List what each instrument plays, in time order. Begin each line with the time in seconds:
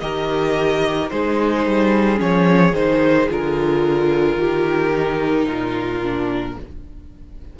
0.00 cello D#3, viola G4, violin A#4 D#5
1.10 cello G#3, viola D#4, violin G#4 C5
1.66 cello G3
2.16 cello F3, viola C#4, violin C#5
2.73 cello D#3, viola D#4, violin C5
3.29 cello D3, viola F4, violin A#4
4.36 cello D#3, violin G4
4.93 viola D#4
5.47 cello A#2, violin F4
6.02 viola D4